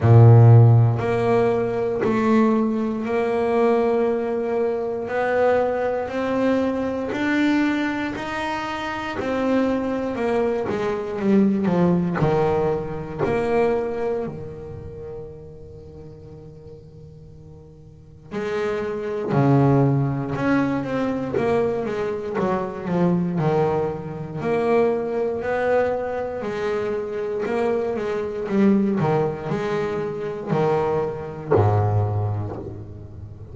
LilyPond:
\new Staff \with { instrumentName = "double bass" } { \time 4/4 \tempo 4 = 59 ais,4 ais4 a4 ais4~ | ais4 b4 c'4 d'4 | dis'4 c'4 ais8 gis8 g8 f8 | dis4 ais4 dis2~ |
dis2 gis4 cis4 | cis'8 c'8 ais8 gis8 fis8 f8 dis4 | ais4 b4 gis4 ais8 gis8 | g8 dis8 gis4 dis4 gis,4 | }